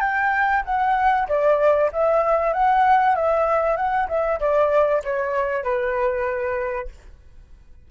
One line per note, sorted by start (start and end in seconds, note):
0.00 0.62 G5
0.65 1.28 F#5
1.28 1.91 D5
1.92 2.53 E5
2.53 3.16 F#5
3.16 3.76 E5
3.76 4.08 F#5
4.08 4.39 E5
4.40 5.03 D5
5.04 5.64 C#5
5.64 6.89 B4